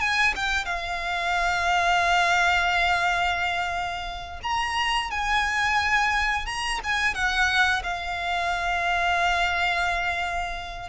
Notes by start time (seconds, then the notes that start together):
0.00 G#5
0.36 G5
0.65 F5
4.43 A#5
5.11 G#5
6.46 A#5
6.83 G#5
7.14 F#5
7.83 F5